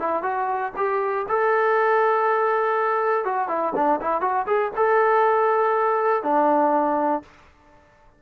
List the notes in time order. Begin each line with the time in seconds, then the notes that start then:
0.00 E4
0.23 F#4
0.77 G4
1.29 A4
3.25 F#4
3.49 E4
3.76 D4
4.01 E4
4.21 F#4
4.47 G#4
4.77 A4
6.23 D4